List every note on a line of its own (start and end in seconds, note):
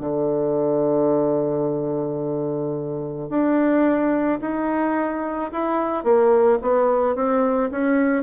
0.00 3.30 D3
3.30 4.40 D4
4.41 5.51 D#4
5.52 6.04 E4
6.04 6.59 A#3
6.62 7.16 B3
7.16 7.71 C4
7.71 8.23 C#4